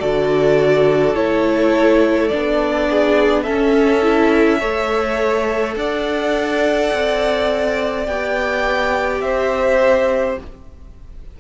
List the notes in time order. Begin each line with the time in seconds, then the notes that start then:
0.00 D3 F#4 A4 D5
1.15 A3 E4 C#5
2.29 B3 D4 D5
2.90 G#4
3.44 C#4 A4 E5
4.03 E4
4.60 A3 A4 C#5
5.76 D4 D5 F#5
6.94 C4
8.07 B3 G4 G5
9.21 C4 C5 E5